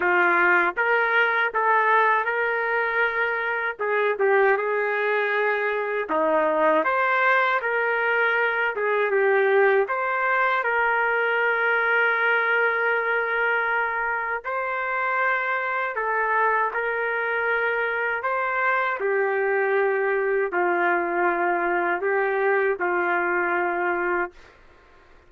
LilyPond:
\new Staff \with { instrumentName = "trumpet" } { \time 4/4 \tempo 4 = 79 f'4 ais'4 a'4 ais'4~ | ais'4 gis'8 g'8 gis'2 | dis'4 c''4 ais'4. gis'8 | g'4 c''4 ais'2~ |
ais'2. c''4~ | c''4 a'4 ais'2 | c''4 g'2 f'4~ | f'4 g'4 f'2 | }